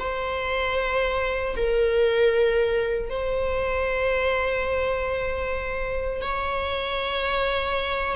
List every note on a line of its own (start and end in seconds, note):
0.00 1.56 C5
1.57 3.11 A#4
3.11 6.22 C5
6.23 8.16 C#5